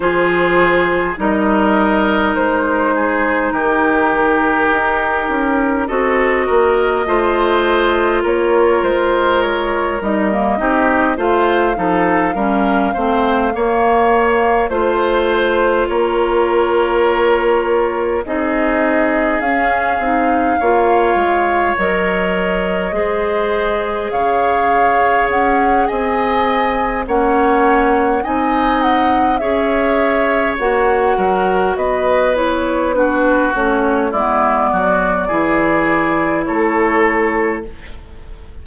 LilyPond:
<<
  \new Staff \with { instrumentName = "flute" } { \time 4/4 \tempo 4 = 51 c''4 dis''4 c''4 ais'4~ | ais'4 dis''2 cis''8 c''8 | cis''8 dis''4 f''2~ f''8~ | f''8 c''4 cis''2 dis''8~ |
dis''8 f''2 dis''4.~ | dis''8 f''4 fis''8 gis''4 fis''4 | gis''8 fis''8 e''4 fis''4 dis''8 cis''8 | b'8 cis''8 d''2 cis''4 | }
  \new Staff \with { instrumentName = "oboe" } { \time 4/4 gis'4 ais'4. gis'8 g'4~ | g'4 a'8 ais'8 c''4 ais'4~ | ais'4 g'8 c''8 a'8 ais'8 c''8 cis''8~ | cis''8 c''4 ais'2 gis'8~ |
gis'4. cis''2 c''8~ | c''8 cis''4. dis''4 cis''4 | dis''4 cis''4. ais'8 b'4 | fis'4 e'8 fis'8 gis'4 a'4 | }
  \new Staff \with { instrumentName = "clarinet" } { \time 4/4 f'4 dis'2.~ | dis'4 fis'4 f'2~ | f'8 dis'16 ais16 dis'8 f'8 dis'8 cis'8 c'8 ais8~ | ais8 f'2. dis'8~ |
dis'8 cis'8 dis'8 f'4 ais'4 gis'8~ | gis'2. cis'4 | dis'4 gis'4 fis'4. e'8 | d'8 cis'8 b4 e'2 | }
  \new Staff \with { instrumentName = "bassoon" } { \time 4/4 f4 g4 gis4 dis4 | dis'8 cis'8 c'8 ais8 a4 ais8 gis8~ | gis8 g8 c'8 a8 f8 g8 a8 ais8~ | ais8 a4 ais2 c'8~ |
c'8 cis'8 c'8 ais8 gis8 fis4 gis8~ | gis8 cis4 cis'8 c'4 ais4 | c'4 cis'4 ais8 fis8 b4~ | b8 a8 gis8 fis8 e4 a4 | }
>>